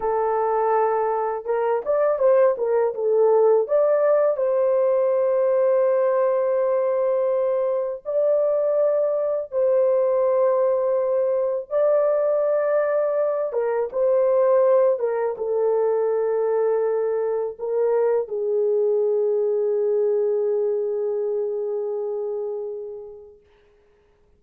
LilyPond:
\new Staff \with { instrumentName = "horn" } { \time 4/4 \tempo 4 = 82 a'2 ais'8 d''8 c''8 ais'8 | a'4 d''4 c''2~ | c''2. d''4~ | d''4 c''2. |
d''2~ d''8 ais'8 c''4~ | c''8 ais'8 a'2. | ais'4 gis'2.~ | gis'1 | }